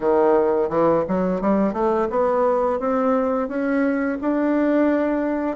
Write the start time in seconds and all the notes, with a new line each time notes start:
0.00 D#3
0.69 E3
1.08 F#3
1.41 G3
1.73 A3
2.10 B3
2.79 C4
3.48 C#4
4.21 D4